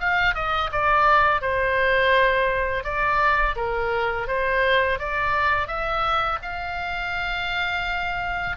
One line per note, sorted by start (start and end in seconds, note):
0.00 0.34 F5
0.34 0.70 D#5
0.72 1.41 D5
1.41 2.84 C5
2.84 3.56 D5
3.56 4.27 A#4
4.28 4.99 C5
4.99 5.68 D5
5.68 6.39 E5
6.43 8.57 F5